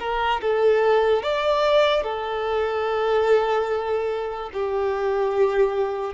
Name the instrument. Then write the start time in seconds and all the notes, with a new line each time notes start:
violin
0.00 A#4
0.41 A4
1.23 D5
2.04 A4
4.53 G4